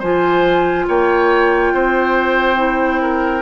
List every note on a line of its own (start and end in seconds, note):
0.00 0.88 F3
0.00 2.57 F4
0.00 0.86 C5
0.00 0.87 G#5
0.88 1.73 A#3
0.88 1.74 C#5
0.88 3.42 G5
1.73 3.42 C4
1.73 3.02 C5
2.57 3.42 E4
3.02 3.42 A#4